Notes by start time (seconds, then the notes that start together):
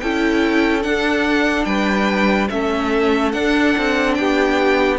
0.00 C#4 E4 A4 G5
0.81 D4 F#5
1.64 G3 B4 G5
2.49 A3 C#4 A4 E5
3.31 D4 F#5
3.77 C4
4.14 B3 G4 G5